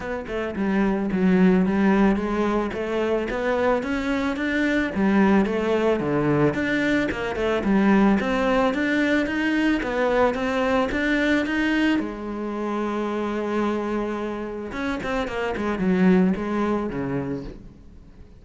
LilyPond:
\new Staff \with { instrumentName = "cello" } { \time 4/4 \tempo 4 = 110 b8 a8 g4 fis4 g4 | gis4 a4 b4 cis'4 | d'4 g4 a4 d4 | d'4 ais8 a8 g4 c'4 |
d'4 dis'4 b4 c'4 | d'4 dis'4 gis2~ | gis2. cis'8 c'8 | ais8 gis8 fis4 gis4 cis4 | }